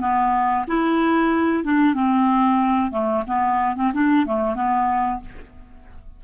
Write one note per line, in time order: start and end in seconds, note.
0.00 0.65 B3
0.67 1.63 E4
1.63 1.94 D4
1.94 2.91 C4
2.91 3.23 A3
3.26 3.75 B3
3.75 3.92 C4
3.93 4.26 D4
4.26 4.54 A3
4.54 5.20 B3